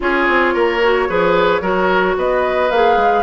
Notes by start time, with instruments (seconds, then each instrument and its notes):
0.00 bassoon C#4, clarinet F4, oboe G#4, flute C#5
0.28 bassoon C4
0.54 bassoon A#3, oboe A#4
0.82 clarinet F#4
1.08 bassoon F3, clarinet G#4, oboe B4
1.61 bassoon F#3, clarinet F#4, oboe A#4
2.17 bassoon B3, oboe B4, flute D#5
2.70 bassoon A#3, clarinet G#4, flute F5
2.96 bassoon G#3